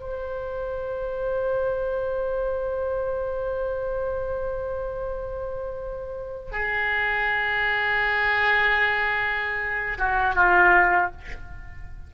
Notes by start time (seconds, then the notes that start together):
0.00 C5
6.52 G#4
9.98 F#4
10.34 F4